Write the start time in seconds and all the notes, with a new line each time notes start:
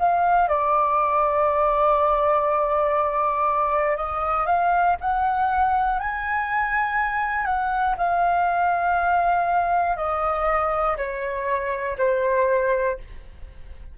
0.00 F5
0.48 D5
3.97 D#5
4.46 F5
5.01 F#5
6.00 G#5
7.45 F#5
7.98 F5
9.97 D#5
10.98 C#5
11.98 C5